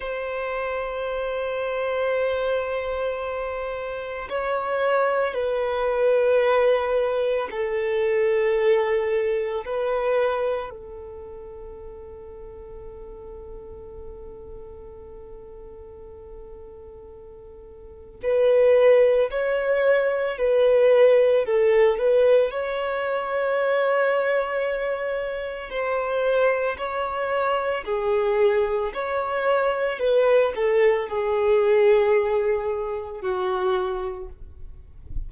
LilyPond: \new Staff \with { instrumentName = "violin" } { \time 4/4 \tempo 4 = 56 c''1 | cis''4 b'2 a'4~ | a'4 b'4 a'2~ | a'1~ |
a'4 b'4 cis''4 b'4 | a'8 b'8 cis''2. | c''4 cis''4 gis'4 cis''4 | b'8 a'8 gis'2 fis'4 | }